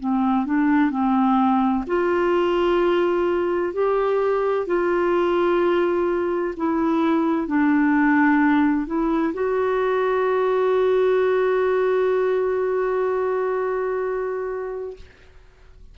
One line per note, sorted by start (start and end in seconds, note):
0.00 0.46 C4
0.46 0.91 D4
0.91 1.85 C4
1.87 3.74 F4
3.74 4.67 G4
4.67 6.55 F4
6.57 7.47 E4
7.47 8.87 D4
8.87 9.34 E4
9.34 14.97 F#4